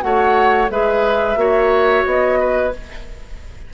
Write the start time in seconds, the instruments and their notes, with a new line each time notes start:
0.00 bassoon A3, clarinet F#4, oboe C#5, flute F#5
0.69 bassoon G#3, clarinet G#4, oboe B4, flute E5
1.36 bassoon A#3, clarinet F#4, oboe C#5
2.05 bassoon B3, flute D#5
2.39 oboe B4